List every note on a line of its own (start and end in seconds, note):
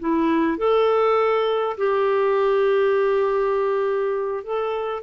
0.00 0.58 E4
0.58 1.77 A4
1.77 4.44 G4
4.44 5.03 A4